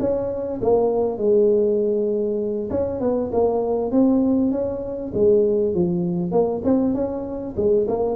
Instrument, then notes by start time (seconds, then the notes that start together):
tuba
0.00 C#4
0.61 A#3
1.18 G#3
2.71 C#4
3.00 B3
3.32 A#3
3.92 C4
4.51 C#4
5.14 G#3
5.74 F3
6.31 A#3
6.64 C4
6.94 C#4
7.56 G#3
7.88 A#3